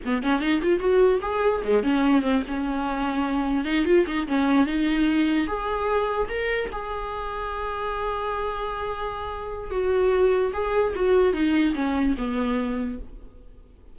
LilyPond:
\new Staff \with { instrumentName = "viola" } { \time 4/4 \tempo 4 = 148 b8 cis'8 dis'8 f'8 fis'4 gis'4 | gis8 cis'4 c'8 cis'2~ | cis'4 dis'8 f'8 dis'8 cis'4 dis'8~ | dis'4. gis'2 ais'8~ |
ais'8 gis'2.~ gis'8~ | gis'1 | fis'2 gis'4 fis'4 | dis'4 cis'4 b2 | }